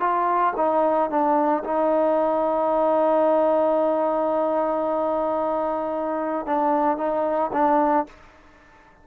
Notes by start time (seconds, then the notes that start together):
0.00 F4
0.56 D#4
1.10 D4
1.64 D#4
6.46 D4
6.97 D#4
7.53 D4